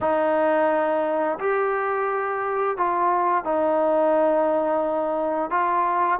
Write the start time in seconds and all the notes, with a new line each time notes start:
0.00 D#4
1.39 G4
2.77 F4
3.44 D#4
5.50 F4